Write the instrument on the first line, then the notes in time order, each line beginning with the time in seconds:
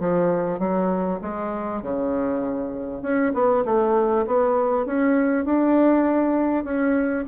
bassoon
0.00 F3
0.59 F#3
1.21 G#3
1.82 C#3
3.02 C#4
3.34 B3
3.65 A3
4.27 B3
4.86 C#4
5.45 D4
6.64 C#4